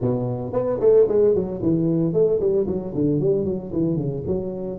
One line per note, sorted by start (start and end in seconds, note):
0.01 0.52 B2
0.52 0.79 B3
0.80 1.06 A3
1.08 1.34 G#3
1.34 1.61 F#3
1.62 2.13 E3
2.13 2.39 A3
2.39 2.66 G3
2.67 2.93 F#3
2.94 3.20 D3
3.20 3.44 G3
3.44 3.71 F#3
3.72 3.96 E3
3.96 4.23 C#3
4.26 4.78 F#3